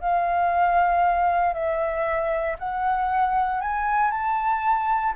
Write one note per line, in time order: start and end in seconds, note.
0.00 1.53 F5
1.53 2.56 E5
2.58 3.61 F#5
3.61 4.11 G#5
4.11 5.14 A5